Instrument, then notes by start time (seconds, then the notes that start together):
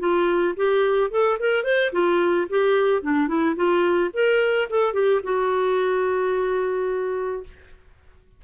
clarinet
0.00 F4
0.57 G4
1.11 A4
1.40 A#4
1.64 C5
1.93 F4
2.50 G4
3.03 D4
3.28 E4
3.56 F4
4.14 A#4
4.70 A4
4.94 G4
5.24 F#4